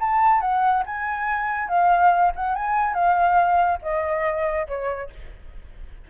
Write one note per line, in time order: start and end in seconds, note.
0.00 0.41 A5
0.41 0.84 F#5
0.86 1.68 G#5
1.68 2.32 F5
2.36 2.56 F#5
2.56 2.94 G#5
2.94 3.79 F5
3.82 4.67 D#5
4.68 5.10 C#5